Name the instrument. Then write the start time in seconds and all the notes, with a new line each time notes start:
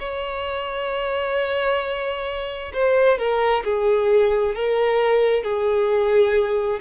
violin
0.00 C#5
2.74 C5
3.19 A#4
3.65 G#4
4.55 A#4
5.44 G#4